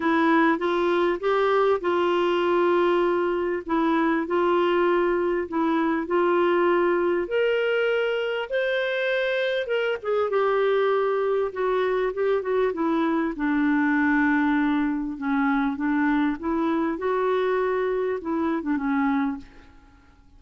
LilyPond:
\new Staff \with { instrumentName = "clarinet" } { \time 4/4 \tempo 4 = 99 e'4 f'4 g'4 f'4~ | f'2 e'4 f'4~ | f'4 e'4 f'2 | ais'2 c''2 |
ais'8 gis'8 g'2 fis'4 | g'8 fis'8 e'4 d'2~ | d'4 cis'4 d'4 e'4 | fis'2 e'8. d'16 cis'4 | }